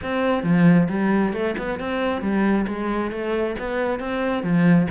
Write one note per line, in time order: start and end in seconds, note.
0.02 0.43 C4
0.43 0.87 F3
0.88 1.33 G3
1.33 1.55 A3
1.58 1.79 B3
1.79 2.21 C4
2.21 2.66 G3
2.67 3.11 G#3
3.11 3.55 A3
3.59 3.99 B3
3.99 4.43 C4
4.43 4.87 F3